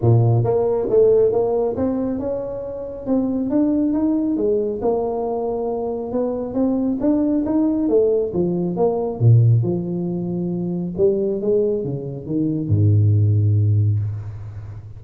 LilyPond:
\new Staff \with { instrumentName = "tuba" } { \time 4/4 \tempo 4 = 137 ais,4 ais4 a4 ais4 | c'4 cis'2 c'4 | d'4 dis'4 gis4 ais4~ | ais2 b4 c'4 |
d'4 dis'4 a4 f4 | ais4 ais,4 f2~ | f4 g4 gis4 cis4 | dis4 gis,2. | }